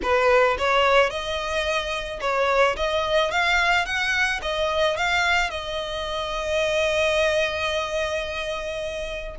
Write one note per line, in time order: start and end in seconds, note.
0.02 0.57 B4
0.58 1.10 C#5
1.10 2.20 D#5
2.20 2.75 C#5
2.76 3.31 D#5
3.31 3.85 F5
3.85 4.40 F#5
4.42 4.96 D#5
4.96 5.50 F5
5.50 9.35 D#5